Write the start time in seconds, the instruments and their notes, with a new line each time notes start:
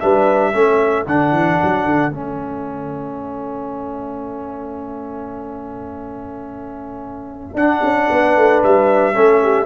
0.00 tuba G3, trombone D4, horn B4, trumpet E5
0.53 tuba A3, trombone C#4, horn A4
1.06 tuba D3, trombone D4, trumpet F#5
1.32 tuba E3
1.63 tuba F#3
1.86 tuba D3
2.12 tuba A3, trombone C#4, trumpet E5
7.55 tuba D4, trombone D4, trumpet F#5
7.83 tuba C#4
8.11 tuba B3, horn B4
8.37 tuba A3
8.63 tuba G3, trumpet E5
9.14 tuba A3, trombone C#4, horn A4
9.43 horn G4